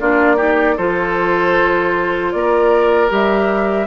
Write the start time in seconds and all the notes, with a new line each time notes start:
0.00 A#3 D4 F4 D5
0.36 D#4 G4
0.77 F3 F4 A4 C5
2.32 A#3 A#4 D5
3.09 G3 G4 E5